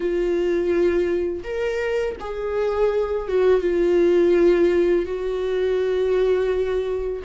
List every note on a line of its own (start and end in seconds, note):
0.00 1.43 F4
1.43 2.16 A#4
2.19 3.28 G#4
3.28 3.60 F#4
3.60 5.05 F4
5.05 7.22 F#4